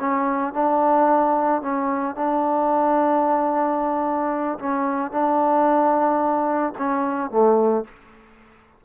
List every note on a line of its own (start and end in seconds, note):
0.00 0.54 C#4
0.54 1.62 D4
1.62 2.15 C#4
2.15 4.59 D4
4.59 5.12 C#4
5.12 6.74 D4
6.79 7.31 C#4
7.31 7.85 A3